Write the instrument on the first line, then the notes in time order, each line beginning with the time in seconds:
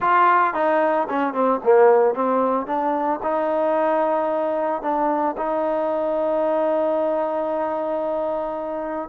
trombone
0.00 F4
0.54 D#4
1.09 C#4
1.33 C4
1.63 A#3
2.15 C4
2.66 D4
3.23 D#4
4.81 D4
5.37 D#4